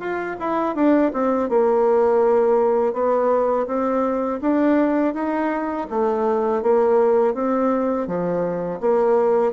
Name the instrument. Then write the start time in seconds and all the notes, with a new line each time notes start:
bassoon
0.00 F4
0.40 E4
0.75 D4
1.14 C4
1.50 A#3
2.94 B3
3.67 C4
4.42 D4
5.15 D#4
5.91 A3
6.63 A#3
7.35 C4
8.08 F3
8.81 A#3